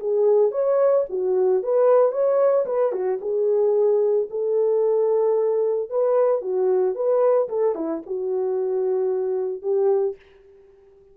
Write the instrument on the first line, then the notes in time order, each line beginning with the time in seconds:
horn
0.00 G#4
0.52 C#5
1.10 F#4
1.63 B4
2.12 C#5
2.66 B4
2.92 F#4
3.21 G#4
4.30 A4
5.90 B4
6.42 F#4
6.95 B4
7.49 A4
7.75 E4
8.06 F#4
9.63 G4